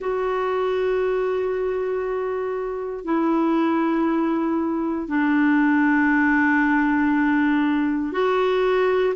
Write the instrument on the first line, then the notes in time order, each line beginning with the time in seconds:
clarinet
0.00 F#4
3.04 E4
5.08 D4
8.12 F#4